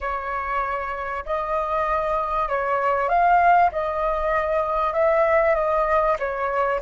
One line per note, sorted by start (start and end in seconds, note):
0.00 1.24 C#5
1.25 2.48 D#5
2.48 3.08 C#5
3.08 3.70 F5
3.72 4.93 D#5
4.93 5.54 E5
5.54 6.16 D#5
6.19 6.80 C#5